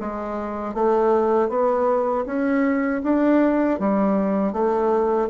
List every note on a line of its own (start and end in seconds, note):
0.00 0.74 G#3
0.74 1.49 A3
1.49 2.25 B3
2.26 3.02 C#4
3.03 3.79 D4
3.79 4.53 G3
4.53 5.29 A3